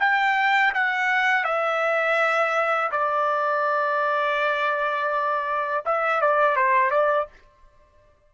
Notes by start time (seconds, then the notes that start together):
0.00 G5
0.75 F#5
1.44 E5
2.92 D5
5.86 E5
6.22 D5
6.56 C5
6.91 D5